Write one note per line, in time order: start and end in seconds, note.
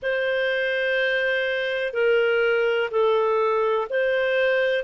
0.02 1.93 C5
1.93 2.89 A#4
2.90 3.87 A4
3.89 4.83 C5